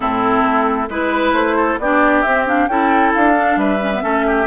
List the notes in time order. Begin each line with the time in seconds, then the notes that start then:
0.00 A2 C4 E4 A4
0.42 A3
0.89 G#3 E4 B4
1.32 A3 C5
1.56 A4
1.78 B3 D4 G4 D5
2.21 C4 E5
2.47 D4 F5
2.67 C#4 E4 A4 G5
3.14 D4 F5
3.34 D4
3.56 G3 B4 E5
3.80 C#4
3.94 B3
4.01 A3 C#4 A4
4.26 G4